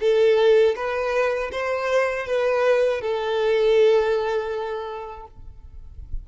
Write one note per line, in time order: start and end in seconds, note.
0.00 0.75 A4
0.76 1.51 B4
1.52 2.26 C5
2.26 3.01 B4
3.01 5.26 A4